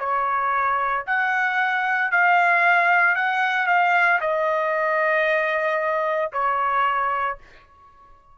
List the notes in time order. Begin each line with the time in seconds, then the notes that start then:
0.00 C#5
1.07 F#5
2.12 F5
3.16 F#5
3.67 F5
4.21 D#5
6.33 C#5